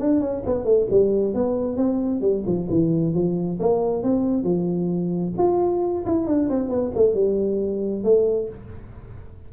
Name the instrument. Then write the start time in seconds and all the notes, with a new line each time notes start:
tuba
0.00 D4
0.21 C#4
0.46 B3
0.65 A3
0.91 G3
1.35 B3
1.77 C4
2.22 G3
2.47 F3
2.70 E3
3.15 F3
3.60 A#3
4.04 C4
4.44 F3
5.38 F4
6.06 E4
6.27 D4
6.50 C4
6.70 B3
6.95 A3
7.15 G3
8.04 A3